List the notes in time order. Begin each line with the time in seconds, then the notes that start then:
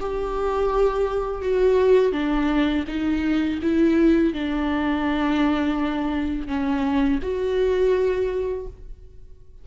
0.00 G4
1.42 F#4
2.13 D4
2.88 D#4
3.62 E4
4.34 D4
6.47 C#4
7.23 F#4